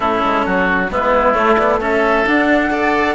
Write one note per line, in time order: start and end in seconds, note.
0.00 0.22 A3
0.00 0.88 C#4
0.00 0.45 E4
0.00 0.88 A4
0.24 0.46 G#3
0.45 0.90 F#3
0.45 0.90 F#4
0.90 1.35 G#3
0.90 1.34 B3
0.90 1.80 E4
0.90 1.33 B4
1.33 1.56 A3
1.33 2.26 A3
1.33 1.55 C#5
1.56 1.80 B3
1.56 1.79 D5
1.80 2.25 C#4
1.80 2.70 A4
1.80 2.26 E5
2.26 2.70 D4
2.26 3.14 D4
2.26 3.14 F#5
2.70 3.14 A4
2.70 3.14 D5